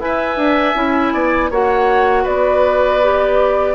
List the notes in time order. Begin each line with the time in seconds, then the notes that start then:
0.00 E4 B4 E5 G#5
0.37 D4
0.75 C#4 E4
1.13 B3 D5
1.51 A#3 F#4 C#5 F#5
2.24 B3 B4 D5
3.02 G4